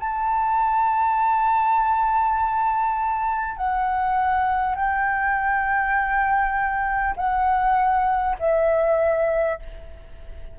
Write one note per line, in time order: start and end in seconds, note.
0.00 3.57 A5
3.57 4.76 F#5
4.76 7.16 G5
7.17 8.37 F#5
8.39 9.59 E5